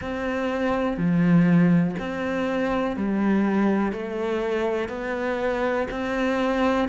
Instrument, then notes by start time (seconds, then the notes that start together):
cello
0.01 C4
0.97 F3
1.99 C4
2.96 G3
3.92 A3
4.88 B3
5.91 C4